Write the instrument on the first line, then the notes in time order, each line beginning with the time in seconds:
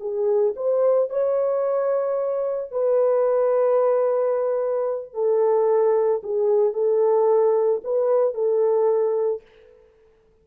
horn
0.00 G#4
0.56 C5
1.10 C#5
2.71 B4
5.14 A4
6.23 G#4
6.73 A4
7.84 B4
8.34 A4